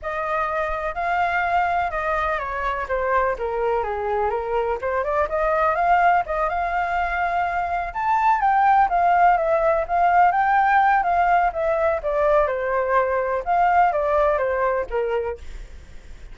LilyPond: \new Staff \with { instrumentName = "flute" } { \time 4/4 \tempo 4 = 125 dis''2 f''2 | dis''4 cis''4 c''4 ais'4 | gis'4 ais'4 c''8 d''8 dis''4 | f''4 dis''8 f''2~ f''8~ |
f''8 a''4 g''4 f''4 e''8~ | e''8 f''4 g''4. f''4 | e''4 d''4 c''2 | f''4 d''4 c''4 ais'4 | }